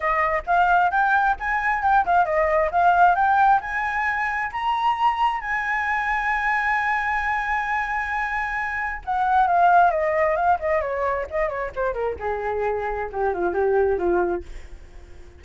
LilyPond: \new Staff \with { instrumentName = "flute" } { \time 4/4 \tempo 4 = 133 dis''4 f''4 g''4 gis''4 | g''8 f''8 dis''4 f''4 g''4 | gis''2 ais''2 | gis''1~ |
gis''1 | fis''4 f''4 dis''4 f''8 dis''8 | cis''4 dis''8 cis''8 c''8 ais'8 gis'4~ | gis'4 g'8 f'8 g'4 f'4 | }